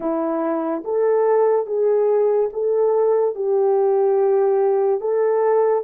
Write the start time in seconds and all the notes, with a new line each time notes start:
0.00 E4
0.84 A4
1.66 G#4
2.52 A4
3.35 G4
5.00 A4